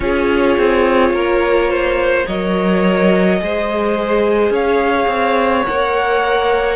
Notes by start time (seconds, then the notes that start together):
0.00 C#4 F4 G#4 C#5
0.58 C4
1.10 A#3 A#4
1.70 C5
2.26 F#3 A#4 C#5 D#5
3.39 G#3 G#4 C5
4.50 C#4 C#5 F5
5.07 C4
5.65 A#3 A#4 F#5